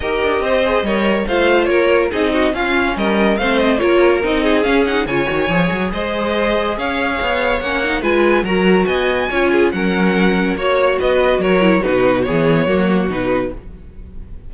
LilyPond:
<<
  \new Staff \with { instrumentName = "violin" } { \time 4/4 \tempo 4 = 142 dis''2. f''4 | cis''4 dis''4 f''4 dis''4 | f''8 dis''8 cis''4 dis''4 f''8 fis''8 | gis''2 dis''2 |
f''2 fis''4 gis''4 | ais''4 gis''2 fis''4~ | fis''4 cis''4 dis''4 cis''4 | b'4 cis''2 b'4 | }
  \new Staff \with { instrumentName = "violin" } { \time 4/4 ais'4 c''4 cis''4 c''4 | ais'4 gis'8 fis'8 f'4 ais'4 | c''4 ais'4. gis'4. | cis''2 c''2 |
cis''2. b'4 | ais'4 dis''4 cis''8 gis'8 ais'4~ | ais'4 cis''4 b'4 ais'4 | fis'4 gis'4 fis'2 | }
  \new Staff \with { instrumentName = "viola" } { \time 4/4 g'4. gis'8 ais'4 f'4~ | f'4 dis'4 cis'2 | c'4 f'4 dis'4 cis'8 dis'8 | f'8 fis'8 gis'2.~ |
gis'2 cis'8 dis'8 f'4 | fis'2 f'4 cis'4~ | cis'4 fis'2~ fis'8 e'8 | dis'4 b4 ais4 dis'4 | }
  \new Staff \with { instrumentName = "cello" } { \time 4/4 dis'8 d'8 c'4 g4 a4 | ais4 c'4 cis'4 g4 | a4 ais4 c'4 cis'4 | cis8 dis8 f8 fis8 gis2 |
cis'4 b4 ais4 gis4 | fis4 b4 cis'4 fis4~ | fis4 ais4 b4 fis4 | b,4 e4 fis4 b,4 | }
>>